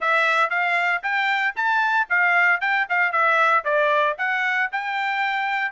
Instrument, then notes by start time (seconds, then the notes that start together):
trumpet
0.00 E5
0.50 F5
1.02 G5
1.55 A5
2.09 F5
2.60 G5
2.89 F5
3.11 E5
3.64 D5
4.18 F#5
4.71 G5